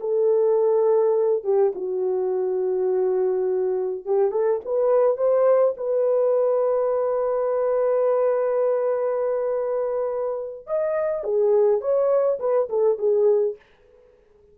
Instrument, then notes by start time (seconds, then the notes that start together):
horn
0.00 A4
1.44 G4
1.75 F#4
4.05 G4
4.31 A4
4.65 B4
5.17 C5
5.77 B4
10.67 D#5
11.24 G#4
11.81 C#5
12.39 B4
12.69 A4
12.98 G#4